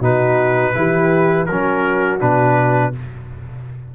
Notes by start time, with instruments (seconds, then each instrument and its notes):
0.00 tuba B2, trombone D#4, horn F#4, trumpet B4
0.74 tuba E3, trombone E4, horn G4
1.46 tuba F#3, trombone C#4, horn F#4, trumpet A#4
2.19 tuba B2, trombone D4, trumpet B4